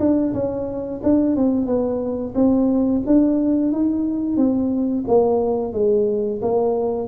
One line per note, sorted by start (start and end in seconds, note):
0.00 0.34 D4
0.34 1.01 C#4
1.04 1.36 D4
1.36 1.67 C4
1.67 2.34 B3
2.35 3.02 C4
3.07 3.73 D4
3.73 4.37 D#4
4.37 5.05 C4
5.08 5.73 A#3
5.73 6.41 G#3
6.42 7.08 A#3